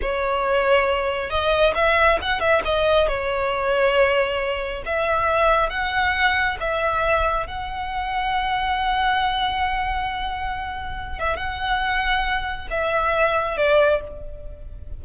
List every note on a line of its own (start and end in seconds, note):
0.01 1.29 C#5
1.29 1.73 D#5
1.75 2.18 E5
2.21 2.39 F#5
2.39 2.61 E5
2.65 3.08 D#5
3.08 4.83 C#5
4.85 5.69 E5
5.69 6.57 F#5
6.60 7.46 E5
7.46 11.19 F#5
11.19 11.36 E5
11.36 12.67 F#5
12.70 13.57 E5
13.57 14.00 D5